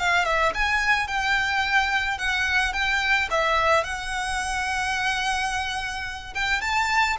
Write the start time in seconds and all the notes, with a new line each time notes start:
0.00 F5
0.25 E5
0.55 G#5
1.08 G5
2.19 F#5
2.73 G5
3.31 E5
3.84 F#5
6.35 G5
6.62 A5